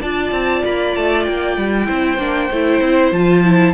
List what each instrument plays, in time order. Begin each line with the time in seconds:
0.00 cello D4, viola F4, violin D5 A5
0.31 cello C4
0.65 cello A#3, violin B5
0.96 cello A3, violin A5
1.23 cello A#3, violin G5
1.57 cello G3
1.86 cello C4, viola E4, violin C5
2.18 cello A#3, viola D4
2.50 cello A3, viola E4
2.80 cello C4
3.11 cello F3, viola F4, violin A5
3.44 viola E4